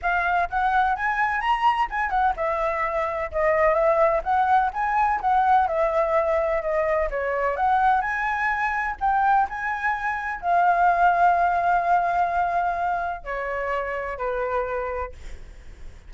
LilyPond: \new Staff \with { instrumentName = "flute" } { \time 4/4 \tempo 4 = 127 f''4 fis''4 gis''4 ais''4 | gis''8 fis''8 e''2 dis''4 | e''4 fis''4 gis''4 fis''4 | e''2 dis''4 cis''4 |
fis''4 gis''2 g''4 | gis''2 f''2~ | f''1 | cis''2 b'2 | }